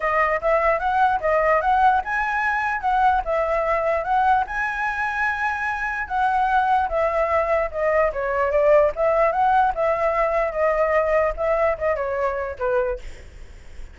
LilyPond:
\new Staff \with { instrumentName = "flute" } { \time 4/4 \tempo 4 = 148 dis''4 e''4 fis''4 dis''4 | fis''4 gis''2 fis''4 | e''2 fis''4 gis''4~ | gis''2. fis''4~ |
fis''4 e''2 dis''4 | cis''4 d''4 e''4 fis''4 | e''2 dis''2 | e''4 dis''8 cis''4. b'4 | }